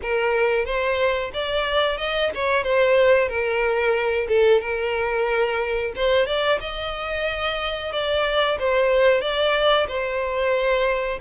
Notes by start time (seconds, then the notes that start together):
0.01 A#4
0.65 C5
1.33 D5
1.98 D#5
2.34 C#5
2.63 C5
3.28 A#4
4.28 A4
4.61 A#4
5.95 C5
6.26 D5
6.60 D#5
7.92 D5
8.59 C5
9.21 D5
9.88 C5